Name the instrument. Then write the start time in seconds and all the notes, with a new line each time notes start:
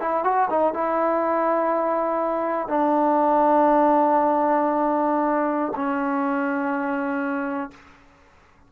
trombone
0.00 E4
0.24 F#4
0.50 D#4
0.74 E4
2.68 D4
5.76 C#4